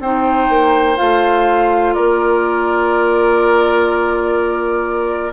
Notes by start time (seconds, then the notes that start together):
0.00 C4 D#4 C5 G5
0.50 A#3
0.96 A3 F4 F5
1.94 A#3 A#4 D5